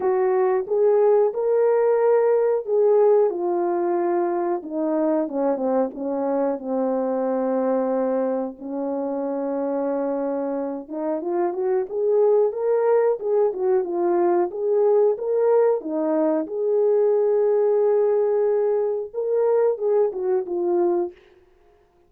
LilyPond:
\new Staff \with { instrumentName = "horn" } { \time 4/4 \tempo 4 = 91 fis'4 gis'4 ais'2 | gis'4 f'2 dis'4 | cis'8 c'8 cis'4 c'2~ | c'4 cis'2.~ |
cis'8 dis'8 f'8 fis'8 gis'4 ais'4 | gis'8 fis'8 f'4 gis'4 ais'4 | dis'4 gis'2.~ | gis'4 ais'4 gis'8 fis'8 f'4 | }